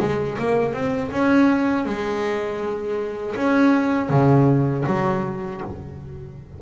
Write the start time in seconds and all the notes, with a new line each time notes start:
0.00 G#3
0.39 A#3
0.73 C4
1.11 C#4
1.85 G#3
3.36 C#4
4.09 C#3
4.86 F#3